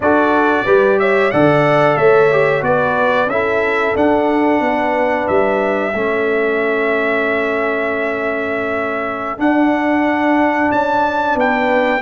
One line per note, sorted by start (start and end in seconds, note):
0.00 0.65 D4
0.00 0.66 F#4
0.00 0.64 A4
0.00 0.99 D5
0.64 1.32 G3
0.64 1.32 G4
0.64 0.97 B4
0.99 1.32 C#5
0.99 1.31 E5
1.31 1.96 D3
1.31 2.31 A4
1.31 1.97 D5
1.31 1.96 F#5
1.96 2.61 A3
1.96 2.63 C#5
1.96 2.62 E5
2.31 2.61 G4
2.61 3.26 B3
2.61 3.27 F#4
2.61 3.31 B4
2.61 3.29 D5
3.26 3.92 C#4
3.26 3.95 E4
3.26 4.62 A4
3.26 3.95 E5
3.95 4.60 D4
3.95 5.93 D4
3.95 5.27 F#5
4.60 5.26 B3
4.60 5.94 B4
5.27 5.94 G3
5.27 9.39 E5
5.94 9.38 A3
5.94 9.37 C#4
5.94 11.34 A4
9.37 12.01 D4
9.37 10.70 D4
9.37 10.71 F#5
10.71 11.35 C#4
10.71 11.37 A5
11.34 12.01 B3
11.34 12.00 B4
11.34 12.02 G5